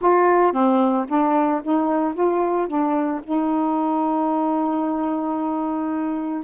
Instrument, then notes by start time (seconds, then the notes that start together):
saxophone
0.00 F4
0.52 C4
1.08 D4
1.63 D#4
2.14 F4
2.67 D4
3.23 D#4